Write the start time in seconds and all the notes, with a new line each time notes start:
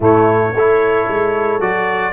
0.00 A2 A3 E4 C#5
0.54 A3 E4 A4
1.08 G#3
1.60 F#3 F#4 D5